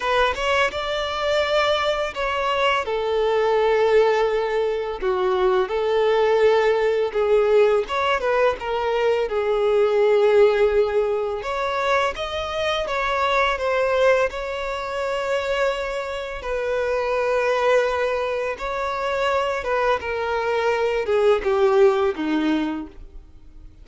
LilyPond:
\new Staff \with { instrumentName = "violin" } { \time 4/4 \tempo 4 = 84 b'8 cis''8 d''2 cis''4 | a'2. fis'4 | a'2 gis'4 cis''8 b'8 | ais'4 gis'2. |
cis''4 dis''4 cis''4 c''4 | cis''2. b'4~ | b'2 cis''4. b'8 | ais'4. gis'8 g'4 dis'4 | }